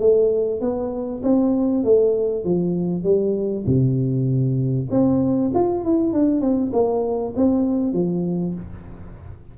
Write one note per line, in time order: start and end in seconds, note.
0.00 0.61 A3
0.61 1.22 B3
1.23 1.84 C4
1.84 2.44 A3
2.44 3.03 F3
3.03 3.65 G3
3.66 4.89 C3
4.91 5.52 C4
5.54 5.84 F4
5.84 6.13 E4
6.13 6.41 D4
6.41 6.72 C4
6.73 7.34 A#3
7.36 7.93 C4
7.93 8.54 F3